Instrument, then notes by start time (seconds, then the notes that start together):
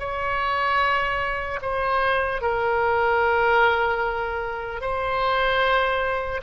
oboe
0.00 C#5
1.62 C5
2.42 A#4
4.81 C5